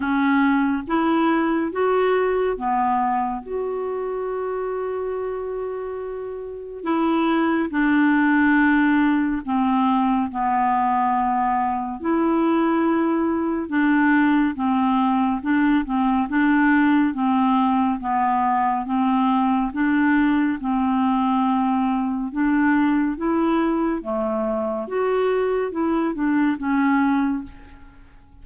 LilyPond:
\new Staff \with { instrumentName = "clarinet" } { \time 4/4 \tempo 4 = 70 cis'4 e'4 fis'4 b4 | fis'1 | e'4 d'2 c'4 | b2 e'2 |
d'4 c'4 d'8 c'8 d'4 | c'4 b4 c'4 d'4 | c'2 d'4 e'4 | a4 fis'4 e'8 d'8 cis'4 | }